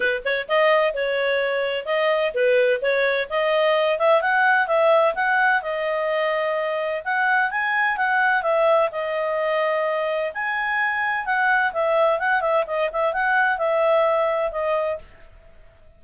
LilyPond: \new Staff \with { instrumentName = "clarinet" } { \time 4/4 \tempo 4 = 128 b'8 cis''8 dis''4 cis''2 | dis''4 b'4 cis''4 dis''4~ | dis''8 e''8 fis''4 e''4 fis''4 | dis''2. fis''4 |
gis''4 fis''4 e''4 dis''4~ | dis''2 gis''2 | fis''4 e''4 fis''8 e''8 dis''8 e''8 | fis''4 e''2 dis''4 | }